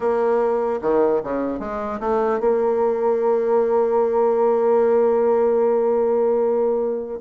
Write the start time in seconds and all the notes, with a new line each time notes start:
0.00 A#3
0.81 D#3
1.23 C#3
1.59 G#3
2.00 A3
2.40 A#3